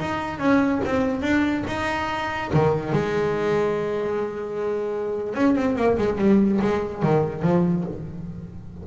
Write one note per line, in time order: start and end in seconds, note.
0.00 0.39 D#4
0.39 0.81 C#4
0.84 1.22 C4
1.22 1.64 D4
1.67 2.51 D#4
2.53 2.93 D#3
2.93 5.34 G#3
5.34 5.55 C#4
5.55 5.76 C4
5.76 5.97 A#3
5.98 6.18 G#3
6.18 6.60 G3
6.61 7.02 G#3
7.02 7.42 D#3
7.42 7.84 F3